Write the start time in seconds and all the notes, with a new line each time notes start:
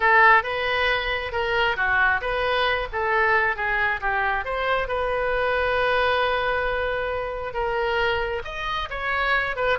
0.00 A4
0.43 B4
1.32 A#4
1.76 F#4
2.21 B4
2.92 A4
3.56 G#4
4.00 G4
4.44 C5
4.88 B4
7.53 A#4
8.44 D#5
8.90 C#5
9.56 B4